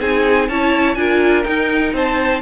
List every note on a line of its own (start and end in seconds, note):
0.00 0.48 C4
0.00 0.48 D#4
0.00 0.48 G#4
0.00 0.48 G#5
0.48 0.96 C#4
0.48 0.96 E4
0.48 0.96 C#5
0.48 0.94 A5
0.94 1.44 D4
0.94 1.45 F4
0.94 1.93 A#4
0.94 1.42 G#5
1.44 2.41 D#4
1.44 1.92 D#4
1.44 1.92 G5
1.92 2.41 C4
1.92 2.41 C5
1.92 2.41 A5